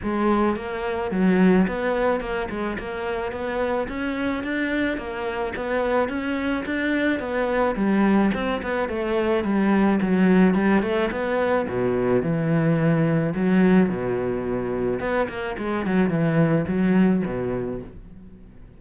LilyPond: \new Staff \with { instrumentName = "cello" } { \time 4/4 \tempo 4 = 108 gis4 ais4 fis4 b4 | ais8 gis8 ais4 b4 cis'4 | d'4 ais4 b4 cis'4 | d'4 b4 g4 c'8 b8 |
a4 g4 fis4 g8 a8 | b4 b,4 e2 | fis4 b,2 b8 ais8 | gis8 fis8 e4 fis4 b,4 | }